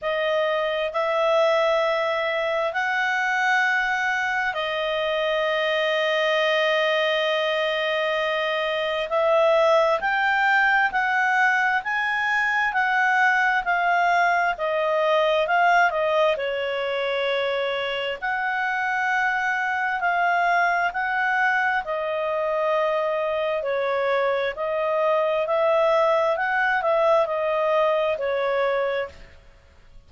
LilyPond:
\new Staff \with { instrumentName = "clarinet" } { \time 4/4 \tempo 4 = 66 dis''4 e''2 fis''4~ | fis''4 dis''2.~ | dis''2 e''4 g''4 | fis''4 gis''4 fis''4 f''4 |
dis''4 f''8 dis''8 cis''2 | fis''2 f''4 fis''4 | dis''2 cis''4 dis''4 | e''4 fis''8 e''8 dis''4 cis''4 | }